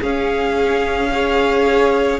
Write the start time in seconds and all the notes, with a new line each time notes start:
0.00 C#4 G#4 F5
1.11 G#4 C#5